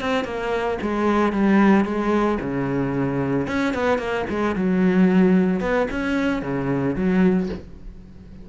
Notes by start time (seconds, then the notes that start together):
0.00 C4
0.24 A#3
0.81 G#3
1.32 G3
1.85 G#3
2.40 C#3
3.47 C#4
3.74 B3
3.98 A#3
4.29 G#3
4.55 F#3
5.60 B3
5.91 C#4
6.42 C#3
6.95 F#3